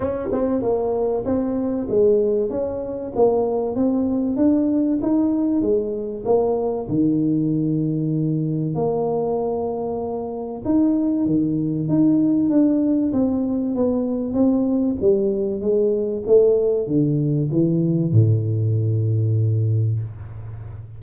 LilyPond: \new Staff \with { instrumentName = "tuba" } { \time 4/4 \tempo 4 = 96 cis'8 c'8 ais4 c'4 gis4 | cis'4 ais4 c'4 d'4 | dis'4 gis4 ais4 dis4~ | dis2 ais2~ |
ais4 dis'4 dis4 dis'4 | d'4 c'4 b4 c'4 | g4 gis4 a4 d4 | e4 a,2. | }